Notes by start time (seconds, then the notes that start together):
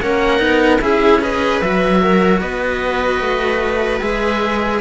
0.00 A#3 C#4 A#4 F#5
0.38 B3 D#4
0.81 C#4 E4 G#4 E5
1.21 G#4 B4 D#5
1.60 F#3 F#4 E5
2.02 A#4
2.41 B3 B4 D#5
3.20 A3
4.00 G#3 G#4 E5